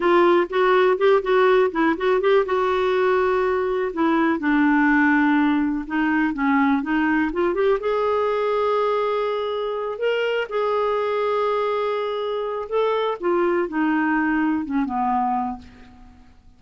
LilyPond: \new Staff \with { instrumentName = "clarinet" } { \time 4/4 \tempo 4 = 123 f'4 fis'4 g'8 fis'4 e'8 | fis'8 g'8 fis'2. | e'4 d'2. | dis'4 cis'4 dis'4 f'8 g'8 |
gis'1~ | gis'8 ais'4 gis'2~ gis'8~ | gis'2 a'4 f'4 | dis'2 cis'8 b4. | }